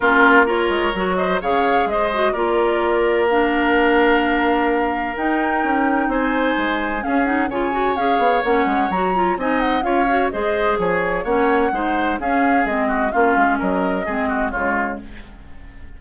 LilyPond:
<<
  \new Staff \with { instrumentName = "flute" } { \time 4/4 \tempo 4 = 128 ais'4 cis''4. dis''8 f''4 | dis''4 d''2 f''4~ | f''2. g''4~ | g''4 gis''2 f''8 fis''8 |
gis''4 f''4 fis''4 ais''4 | gis''8 fis''8 f''4 dis''4 cis''4 | fis''2 f''4 dis''4 | f''4 dis''2 cis''4 | }
  \new Staff \with { instrumentName = "oboe" } { \time 4/4 f'4 ais'4. c''8 cis''4 | c''4 ais'2.~ | ais'1~ | ais'4 c''2 gis'4 |
cis''1 | dis''4 cis''4 c''4 gis'4 | cis''4 c''4 gis'4. fis'8 | f'4 ais'4 gis'8 fis'8 f'4 | }
  \new Staff \with { instrumentName = "clarinet" } { \time 4/4 cis'4 f'4 fis'4 gis'4~ | gis'8 fis'8 f'2 d'4~ | d'2. dis'4~ | dis'2. cis'8 dis'8 |
f'8 fis'8 gis'4 cis'4 fis'8 f'8 | dis'4 f'8 fis'8 gis'2 | cis'4 dis'4 cis'4 c'4 | cis'2 c'4 gis4 | }
  \new Staff \with { instrumentName = "bassoon" } { \time 4/4 ais4. gis8 fis4 cis4 | gis4 ais2.~ | ais2. dis'4 | cis'4 c'4 gis4 cis'4 |
cis4 cis'8 b8 ais8 gis8 fis4 | c'4 cis'4 gis4 f4 | ais4 gis4 cis'4 gis4 | ais8 gis8 fis4 gis4 cis4 | }
>>